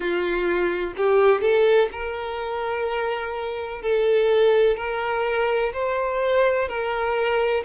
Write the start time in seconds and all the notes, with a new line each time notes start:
0.00 F4
0.96 G4
1.41 A4
1.91 A#4
3.81 A4
4.77 A#4
5.73 C5
6.68 A#4